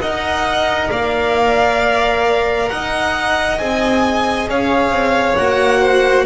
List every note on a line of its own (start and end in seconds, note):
0.00 0.90 D#4
0.00 3.59 A#4
0.00 0.90 D#5
0.00 0.90 F#5
0.90 2.70 A#3
0.90 2.69 D5
0.90 2.69 F5
2.69 3.59 D#4
2.69 4.49 D#5
2.69 3.58 F#5
3.58 4.48 C4
3.58 5.39 G#4
3.58 4.48 G#5
4.48 4.90 C#4
4.48 5.80 C#5
4.48 5.36 F5
4.90 5.35 C4
5.36 6.26 A#3
5.36 6.26 F#4
5.36 6.25 F#5
5.80 6.25 C5